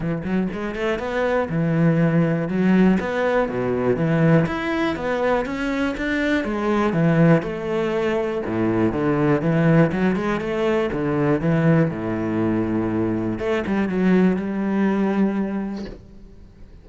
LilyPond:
\new Staff \with { instrumentName = "cello" } { \time 4/4 \tempo 4 = 121 e8 fis8 gis8 a8 b4 e4~ | e4 fis4 b4 b,4 | e4 e'4 b4 cis'4 | d'4 gis4 e4 a4~ |
a4 a,4 d4 e4 | fis8 gis8 a4 d4 e4 | a,2. a8 g8 | fis4 g2. | }